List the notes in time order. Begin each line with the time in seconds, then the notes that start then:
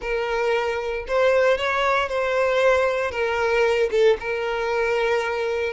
0.01 A#4
1.07 C5
1.57 C#5
2.08 C5
3.11 A#4
3.91 A4
4.20 A#4